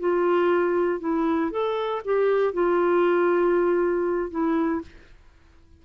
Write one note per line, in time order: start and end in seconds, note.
0.00 1.00 F4
1.00 1.51 E4
1.51 2.02 A4
2.05 2.54 G4
2.54 4.31 F4
4.31 4.81 E4